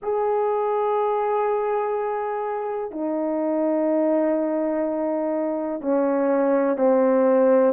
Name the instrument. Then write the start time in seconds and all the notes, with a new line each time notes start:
horn
0.02 G#4
2.91 D#4
5.81 C#4
6.77 C4